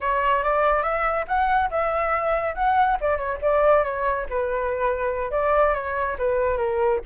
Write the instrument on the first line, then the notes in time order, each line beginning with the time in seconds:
flute
0.00 C#5
0.43 D5
0.82 E5
1.27 F#5
1.70 E5
2.54 F#5
3.00 D5
3.17 C#5
3.41 D5
3.84 C#5
4.29 B4
5.31 D5
5.74 C#5
6.18 B4
6.57 A#4